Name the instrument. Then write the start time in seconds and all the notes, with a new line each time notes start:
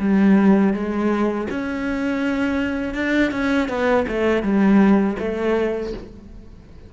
cello
0.00 G3
0.74 G#3
1.51 C#4
2.95 D4
3.32 C#4
3.69 B3
4.08 A3
4.43 G3
5.20 A3